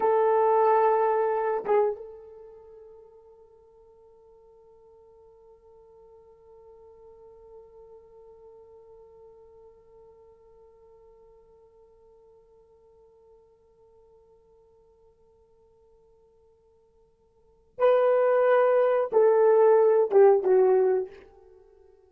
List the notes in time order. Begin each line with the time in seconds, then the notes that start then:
0.00 A4
1.65 G#4
1.96 A4
17.78 B4
19.12 A4
20.11 G4
20.43 F#4